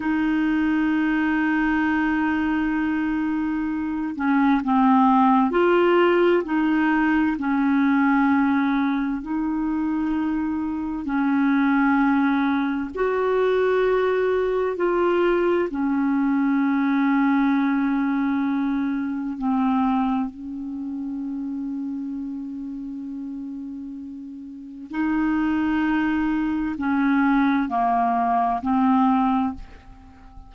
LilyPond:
\new Staff \with { instrumentName = "clarinet" } { \time 4/4 \tempo 4 = 65 dis'1~ | dis'8 cis'8 c'4 f'4 dis'4 | cis'2 dis'2 | cis'2 fis'2 |
f'4 cis'2.~ | cis'4 c'4 cis'2~ | cis'2. dis'4~ | dis'4 cis'4 ais4 c'4 | }